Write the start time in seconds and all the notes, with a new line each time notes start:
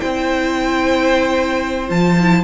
0.00 C4 E4 C5 G5
1.88 F3 F4 A5
2.19 E4